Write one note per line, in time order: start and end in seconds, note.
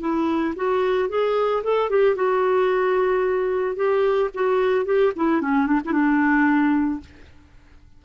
0.00 0.54 E4
0.56 1.09 F#4
1.09 1.63 G#4
1.63 1.89 A4
1.89 2.15 G4
2.15 3.76 F#4
3.76 4.30 G4
4.34 4.85 F#4
4.85 5.12 G4
5.16 5.41 E4
5.41 5.67 C#4
5.67 5.80 D4
5.85 5.92 E4
5.92 7.00 D4